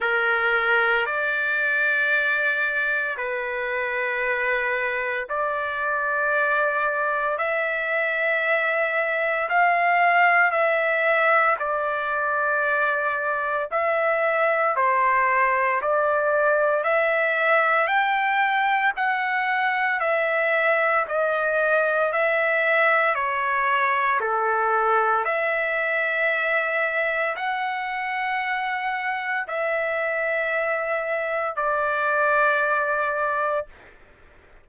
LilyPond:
\new Staff \with { instrumentName = "trumpet" } { \time 4/4 \tempo 4 = 57 ais'4 d''2 b'4~ | b'4 d''2 e''4~ | e''4 f''4 e''4 d''4~ | d''4 e''4 c''4 d''4 |
e''4 g''4 fis''4 e''4 | dis''4 e''4 cis''4 a'4 | e''2 fis''2 | e''2 d''2 | }